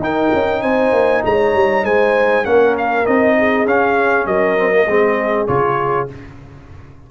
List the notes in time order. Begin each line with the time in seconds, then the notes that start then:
0.00 D#4 A#4 G5
0.33 C#4
0.62 C4 C5 G#5
0.92 A#3
1.25 G#3 C#5 A#5
1.54 G3
1.84 G#3 C5 G#5
2.44 A#3 C#4 A#4 F#5
2.78 F5
3.06 C4 D#4 D#5
3.38 G#4
3.65 C#4 F5
4.26 F#3 A#4 D#5
4.58 C4
4.71 A#3
4.87 G#3 C4 G#4
5.47 C#3 F4 C#5